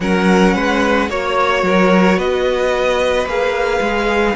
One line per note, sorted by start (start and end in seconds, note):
0.00 0.54 F#3
0.00 1.09 C#4
0.00 0.54 A#4
0.00 1.10 F#5
0.54 1.09 G#3
0.54 1.08 B4
1.09 1.62 A#3
1.09 3.27 F#4
1.09 1.64 C#5
1.09 2.18 C#5
1.62 2.17 F#3
1.62 2.17 A#4
2.17 3.25 B3
2.17 4.35 B4
2.17 3.27 D#5
3.25 3.79 A#3
3.25 4.36 G#4
3.25 4.36 F5
3.80 4.35 G#3